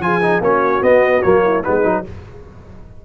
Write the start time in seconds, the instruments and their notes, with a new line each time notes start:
0.00 tuba F3, trombone F4, horn G#4, trumpet G#5
0.22 trombone D#4
0.41 tuba A#3, trombone C#4, horn F#4, trumpet C#5
0.82 tuba B3, trombone B3, trumpet D#5
1.22 tuba F#3, trombone A#3, trumpet C#5
1.43 horn E4
1.63 tuba G#3, trombone B3, horn D#4, trumpet B4
1.84 tuba F#3, trombone D#4